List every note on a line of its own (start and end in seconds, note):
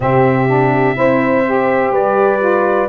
0.00 0.96 C3
0.00 0.47 C4
0.00 0.98 G4
0.00 1.94 E5
0.47 0.94 D4
0.94 1.91 C4
0.94 1.42 E4
0.94 1.92 C5
1.47 2.39 G4
1.91 2.87 G3
1.91 2.89 B4
1.91 2.89 D5
2.39 2.87 F4